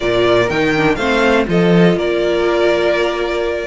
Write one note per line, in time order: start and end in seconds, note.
0.00 0.49 A#2
0.00 0.50 F4
0.00 0.97 A#4
0.00 0.49 D5
0.49 0.97 D#3
0.49 0.75 D#4
0.49 0.95 G5
0.75 0.98 D4
0.95 1.46 A3
0.95 1.46 C4
0.95 1.46 C5
0.95 1.44 F5
1.46 1.95 F3
1.46 3.66 F4
1.46 1.98 A4
1.46 1.98 D#5
1.95 3.66 A#3
1.95 3.66 A#4
1.95 3.66 D5